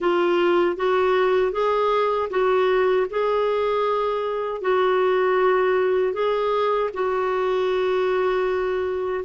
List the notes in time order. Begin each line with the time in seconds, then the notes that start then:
0.00 F4
0.76 F#4
1.52 G#4
2.29 F#4
3.09 G#4
4.61 F#4
6.13 G#4
6.93 F#4